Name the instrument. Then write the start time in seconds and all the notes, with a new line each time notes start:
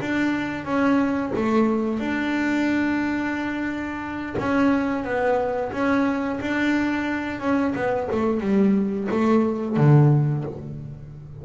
double bass
0.00 D4
0.65 C#4
1.35 A3
1.99 D4
4.38 C#4
5.04 B3
5.72 C#4
6.40 D4
7.40 C#4
7.75 B3
8.12 A3
8.41 G3
9.10 A3
9.76 D3